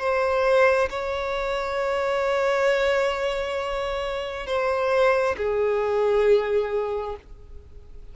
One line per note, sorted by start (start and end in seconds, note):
0.00 0.90 C5
0.90 4.47 C#5
4.47 5.36 C5
5.38 7.17 G#4